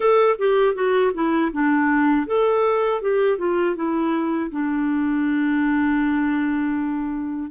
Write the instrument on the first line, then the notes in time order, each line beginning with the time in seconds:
clarinet
0.00 A4
0.38 G4
0.74 F#4
1.14 E4
1.52 D4
2.26 A4
3.01 G4
3.38 F4
3.75 E4
4.51 D4